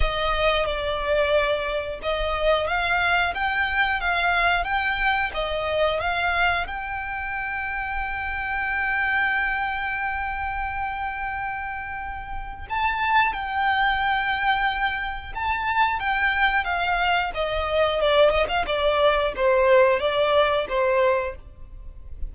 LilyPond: \new Staff \with { instrumentName = "violin" } { \time 4/4 \tempo 4 = 90 dis''4 d''2 dis''4 | f''4 g''4 f''4 g''4 | dis''4 f''4 g''2~ | g''1~ |
g''2. a''4 | g''2. a''4 | g''4 f''4 dis''4 d''8 dis''16 f''16 | d''4 c''4 d''4 c''4 | }